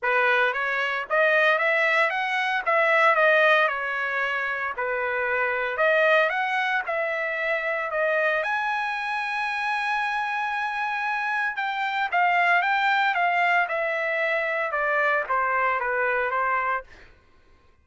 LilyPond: \new Staff \with { instrumentName = "trumpet" } { \time 4/4 \tempo 4 = 114 b'4 cis''4 dis''4 e''4 | fis''4 e''4 dis''4 cis''4~ | cis''4 b'2 dis''4 | fis''4 e''2 dis''4 |
gis''1~ | gis''2 g''4 f''4 | g''4 f''4 e''2 | d''4 c''4 b'4 c''4 | }